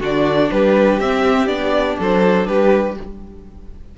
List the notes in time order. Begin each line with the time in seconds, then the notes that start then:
0.00 D3 D4 F#4 D5
0.51 G3 G4 B4
0.99 C4 E5
1.47 B3 D4 D5
1.98 F#3 A4 C5
2.47 G3 G4 B4